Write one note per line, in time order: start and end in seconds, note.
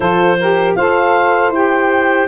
0.00 0.74 F3
0.00 0.37 F4
0.00 0.38 A4
0.00 0.74 C5
0.39 0.79 G4
0.39 0.76 A#4
0.75 1.49 F4
0.75 1.53 A4
0.75 2.27 C5
0.75 1.51 F5
1.49 2.25 E4
1.49 2.27 G4
1.49 2.27 G5